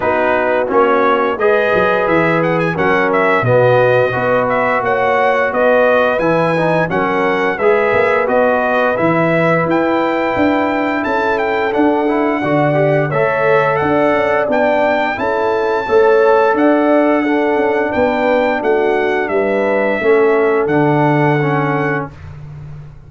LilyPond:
<<
  \new Staff \with { instrumentName = "trumpet" } { \time 4/4 \tempo 4 = 87 b'4 cis''4 dis''4 e''8 fis''16 gis''16 | fis''8 e''8 dis''4. e''8 fis''4 | dis''4 gis''4 fis''4 e''4 | dis''4 e''4 g''2 |
a''8 g''8 fis''2 e''4 | fis''4 g''4 a''2 | fis''2 g''4 fis''4 | e''2 fis''2 | }
  \new Staff \with { instrumentName = "horn" } { \time 4/4 fis'2 b'2 | ais'4 fis'4 b'4 cis''4 | b'2 ais'4 b'4~ | b'1 |
a'2 d''4 cis''4 | d''2 a'4 cis''4 | d''4 a'4 b'4 fis'4 | b'4 a'2. | }
  \new Staff \with { instrumentName = "trombone" } { \time 4/4 dis'4 cis'4 gis'2 | cis'4 b4 fis'2~ | fis'4 e'8 dis'8 cis'4 gis'4 | fis'4 e'2.~ |
e'4 d'8 e'8 fis'8 g'8 a'4~ | a'4 d'4 e'4 a'4~ | a'4 d'2.~ | d'4 cis'4 d'4 cis'4 | }
  \new Staff \with { instrumentName = "tuba" } { \time 4/4 b4 ais4 gis8 fis8 e4 | fis4 b,4 b4 ais4 | b4 e4 fis4 gis8 ais8 | b4 e4 e'4 d'4 |
cis'4 d'4 d4 a4 | d'8 cis'8 b4 cis'4 a4 | d'4. cis'8 b4 a4 | g4 a4 d2 | }
>>